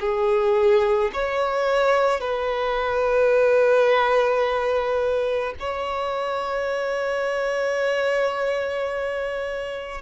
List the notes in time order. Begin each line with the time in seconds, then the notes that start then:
0.00 G#4
1.13 C#5
2.20 B4
5.60 C#5